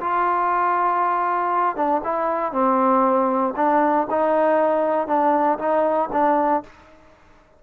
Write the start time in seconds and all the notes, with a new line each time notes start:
0.00 F4
1.76 D4
2.04 E4
2.52 C4
3.56 D4
4.10 D#4
5.07 D4
5.59 D#4
6.12 D4